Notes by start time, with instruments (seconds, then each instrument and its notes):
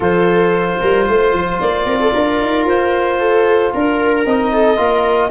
0.00 tuba F3, trombone F4, viola A4, clarinet C5
0.80 tuba G3, viola A#4
1.06 tuba A3, viola C5
1.33 tuba F3
1.60 tuba A#3, clarinet D5
1.85 tuba C4, viola A#4
1.99 viola A4
2.13 tuba D4, viola A#4
2.41 tuba D#4
2.64 tuba F4, clarinet C5
3.19 viola A4
3.73 tuba D4, viola A#4, clarinet A#4
4.25 tuba C4, trombone D#4, clarinet D#5
4.52 viola A4
4.77 tuba A#3, trombone F4, viola A#4